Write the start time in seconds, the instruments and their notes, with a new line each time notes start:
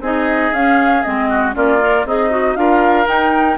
0.00 bassoon C4, clarinet D#4, oboe G#4, flute D#5
0.52 bassoon C#4, clarinet C#4, flute F5
1.03 bassoon G#3, clarinet C4, flute D#5
1.29 oboe F#4
1.53 bassoon A#3, clarinet C#4, oboe F4, flute D5
1.80 clarinet A#4
2.04 bassoon C4, oboe D#4, clarinet G#4, flute D#5
2.30 clarinet F#4
2.55 bassoon D4, clarinet F4, oboe A#4, flute F5
3.05 clarinet D#4, bassoon D#4, flute G5